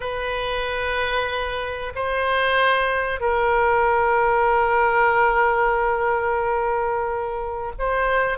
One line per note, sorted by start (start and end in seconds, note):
0.00 1.92 B4
1.95 3.20 C5
3.20 7.72 A#4
7.78 8.38 C5